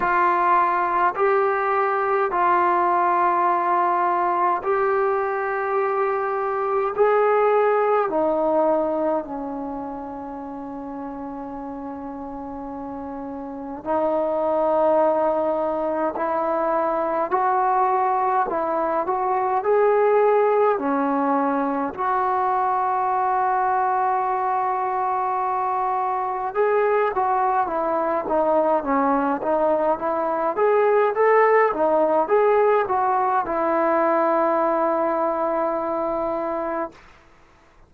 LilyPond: \new Staff \with { instrumentName = "trombone" } { \time 4/4 \tempo 4 = 52 f'4 g'4 f'2 | g'2 gis'4 dis'4 | cis'1 | dis'2 e'4 fis'4 |
e'8 fis'8 gis'4 cis'4 fis'4~ | fis'2. gis'8 fis'8 | e'8 dis'8 cis'8 dis'8 e'8 gis'8 a'8 dis'8 | gis'8 fis'8 e'2. | }